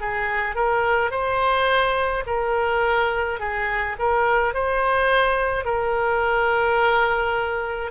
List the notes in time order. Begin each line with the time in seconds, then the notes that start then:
0.00 G#4
0.55 A#4
1.11 C5
2.26 A#4
3.40 G#4
3.99 A#4
4.54 C5
5.64 A#4